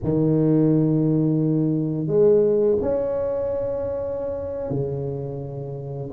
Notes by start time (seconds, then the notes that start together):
0.03 D#3
2.07 G#3
2.81 C#4
4.69 C#3